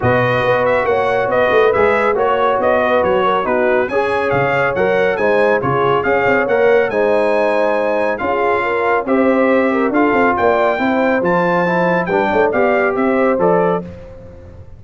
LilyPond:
<<
  \new Staff \with { instrumentName = "trumpet" } { \time 4/4 \tempo 4 = 139 dis''4. e''8 fis''4 dis''4 | e''4 cis''4 dis''4 cis''4 | b'4 gis''4 f''4 fis''4 | gis''4 cis''4 f''4 fis''4 |
gis''2. f''4~ | f''4 e''2 f''4 | g''2 a''2 | g''4 f''4 e''4 d''4 | }
  \new Staff \with { instrumentName = "horn" } { \time 4/4 b'2 cis''4 b'4~ | b'4 cis''4. b'4 ais'8 | fis'4 cis''2. | c''4 gis'4 cis''2 |
c''2. gis'4 | ais'4 c''4. ais'8 a'4 | d''4 c''2. | b'8 cis''8 d''4 c''2 | }
  \new Staff \with { instrumentName = "trombone" } { \time 4/4 fis'1 | gis'4 fis'2. | dis'4 gis'2 ais'4 | dis'4 f'4 gis'4 ais'4 |
dis'2. f'4~ | f'4 g'2 f'4~ | f'4 e'4 f'4 e'4 | d'4 g'2 a'4 | }
  \new Staff \with { instrumentName = "tuba" } { \time 4/4 b,4 b4 ais4 b8 a8 | gis4 ais4 b4 fis4 | b4 cis'4 cis4 fis4 | gis4 cis4 cis'8 c'8 ais4 |
gis2. cis'4~ | cis'4 c'2 d'8 c'8 | ais4 c'4 f2 | g8 a8 b4 c'4 f4 | }
>>